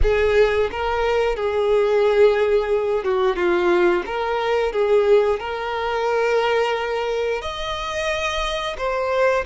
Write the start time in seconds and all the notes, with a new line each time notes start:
0.02 G#4
0.71 A#4
1.36 G#4
3.04 F#4
3.36 F4
4.05 A#4
4.72 G#4
5.39 A#4
7.41 D#5
8.77 C5